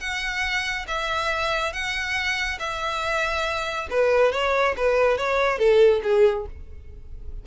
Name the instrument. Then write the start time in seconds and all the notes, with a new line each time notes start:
violin
0.00 F#5
0.88 E5
1.73 F#5
2.59 E5
3.90 B4
4.32 C#5
4.77 B4
5.18 C#5
5.58 A4
6.03 G#4